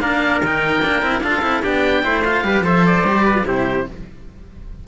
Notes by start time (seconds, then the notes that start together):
0.00 A#3 D4 A#4 F5
0.42 D#3 D#4 G5
0.82 A#3 D4
1.02 C4 E4
1.21 D4 F4 A4 F5
1.42 C4 E4
1.63 B3 D4 G4 G5
2.03 A3 E4 C5
2.24 F4 F5
2.44 G3 G4 B4
2.61 F3 A4 C5 E5
2.86 D5
3.04 G3 G4
3.24 B4
3.34 F4
3.45 C3 E4 G4 C5